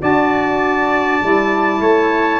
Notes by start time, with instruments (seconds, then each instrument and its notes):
0.00 tuba D4, saxophone F#4, trumpet D5 A5
1.21 tuba G3, saxophone E4
1.80 tuba A3, trumpet C#5